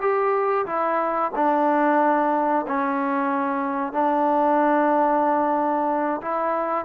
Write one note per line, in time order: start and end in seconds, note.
0.00 0.65 G4
0.66 1.31 E4
1.35 2.65 D4
2.67 3.92 C#4
3.92 6.20 D4
6.21 6.85 E4